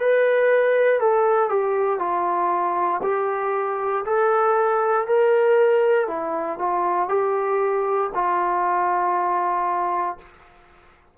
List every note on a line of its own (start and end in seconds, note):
0.00 1.00 B4
1.00 1.50 A4
1.50 2.00 G4
2.00 3.01 F4
3.03 4.05 G4
4.06 5.08 A4
5.08 6.08 A#4
6.08 6.59 E4
6.59 7.09 F4
7.09 8.11 G4
8.15 10.18 F4